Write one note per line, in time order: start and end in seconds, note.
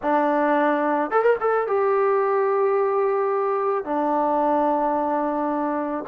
0.02 1.10 D4
1.10 1.22 A4
1.22 1.36 A#4
1.40 1.67 A4
1.67 3.84 G4
3.84 6.04 D4